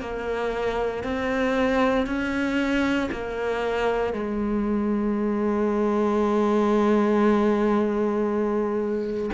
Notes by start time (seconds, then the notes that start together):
0.00 A#3
1.03 C4
2.06 C#4
3.11 A#3
4.13 G#3